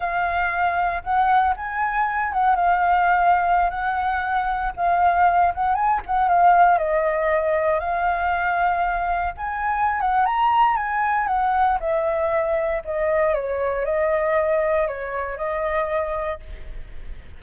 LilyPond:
\new Staff \with { instrumentName = "flute" } { \time 4/4 \tempo 4 = 117 f''2 fis''4 gis''4~ | gis''8 fis''8 f''2~ f''16 fis''8.~ | fis''4~ fis''16 f''4. fis''8 gis''8 fis''16~ | fis''16 f''4 dis''2 f''8.~ |
f''2~ f''16 gis''4~ gis''16 fis''8 | ais''4 gis''4 fis''4 e''4~ | e''4 dis''4 cis''4 dis''4~ | dis''4 cis''4 dis''2 | }